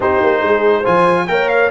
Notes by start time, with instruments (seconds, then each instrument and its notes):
0.00 tuba C4, trombone D#4, horn G4, trumpet C5
0.22 tuba A#3
0.42 tuba G#3, horn G#4
0.81 tuba F3, trombone F4, horn C5, trumpet G#5
1.27 tuba A#3, trombone A#4, horn C#5, trumpet G5
1.49 trumpet F5